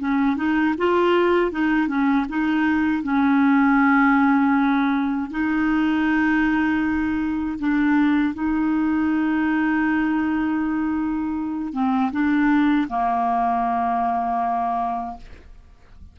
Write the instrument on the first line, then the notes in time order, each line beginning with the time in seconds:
clarinet
0.00 C#4
0.37 D#4
0.78 F4
1.52 D#4
1.88 C#4
2.30 D#4
3.03 C#4
5.31 D#4
7.59 D4
8.34 D#4
11.73 C4
12.12 D4
12.90 A#3